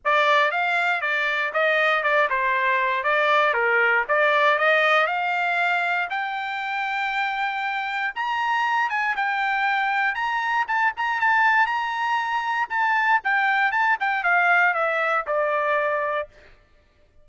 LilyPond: \new Staff \with { instrumentName = "trumpet" } { \time 4/4 \tempo 4 = 118 d''4 f''4 d''4 dis''4 | d''8 c''4. d''4 ais'4 | d''4 dis''4 f''2 | g''1 |
ais''4. gis''8 g''2 | ais''4 a''8 ais''8 a''4 ais''4~ | ais''4 a''4 g''4 a''8 g''8 | f''4 e''4 d''2 | }